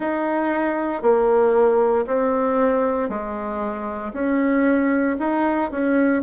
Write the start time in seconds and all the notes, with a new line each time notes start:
0.00 D#4
1.02 A#3
2.06 C4
3.08 G#3
4.13 C#4
5.19 D#4
5.71 C#4